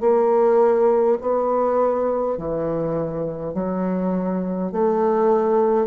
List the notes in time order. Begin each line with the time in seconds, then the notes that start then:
0.00 A#3
1.21 B3
2.37 E3
3.54 F#3
4.72 A3